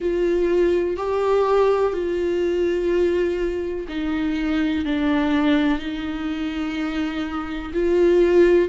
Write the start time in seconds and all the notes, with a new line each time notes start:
0.00 F4
0.97 G4
1.93 F4
3.88 D#4
4.85 D4
5.78 D#4
7.73 F4